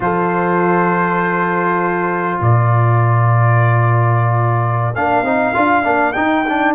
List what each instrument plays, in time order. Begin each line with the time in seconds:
0.00 tuba F3, trombone F4, horn A4, trumpet C5
2.40 tuba A#2, horn A#4, trumpet D5
4.95 tuba A#3, trombone D4, trumpet F5
5.22 tuba C4, trombone D#4
5.54 tuba D4, trombone F4
5.83 tuba A#3, trombone D4
6.12 trombone D#4, tuba D#4, trumpet G5
6.48 trombone D4